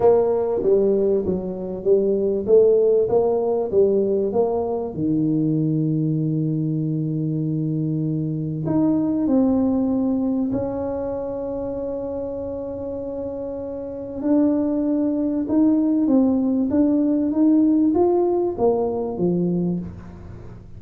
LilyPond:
\new Staff \with { instrumentName = "tuba" } { \time 4/4 \tempo 4 = 97 ais4 g4 fis4 g4 | a4 ais4 g4 ais4 | dis1~ | dis2 dis'4 c'4~ |
c'4 cis'2.~ | cis'2. d'4~ | d'4 dis'4 c'4 d'4 | dis'4 f'4 ais4 f4 | }